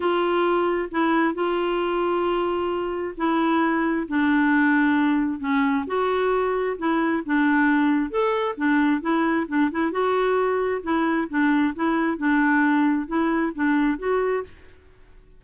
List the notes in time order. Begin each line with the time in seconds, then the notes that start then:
0.00 F4
0.91 E4
1.34 F4
3.17 E4
4.08 D4
5.39 C#4
5.86 F#4
6.78 E4
7.25 D4
8.10 A4
8.57 D4
9.01 E4
9.48 D4
9.71 E4
9.91 F#4
10.82 E4
11.29 D4
11.75 E4
12.17 D4
13.07 E4
13.54 D4
13.98 F#4